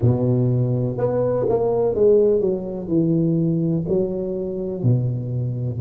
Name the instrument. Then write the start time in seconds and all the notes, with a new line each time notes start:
tuba
0.01 B2
0.97 B3
1.48 A#3
1.94 G#3
2.41 F#3
2.88 E3
3.88 F#3
4.83 B2